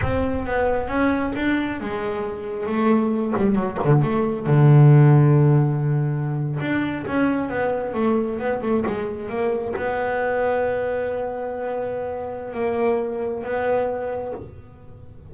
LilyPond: \new Staff \with { instrumentName = "double bass" } { \time 4/4 \tempo 4 = 134 c'4 b4 cis'4 d'4 | gis2 a4. g8 | fis8 d8 a4 d2~ | d2~ d8. d'4 cis'16~ |
cis'8. b4 a4 b8 a8 gis16~ | gis8. ais4 b2~ b16~ | b1 | ais2 b2 | }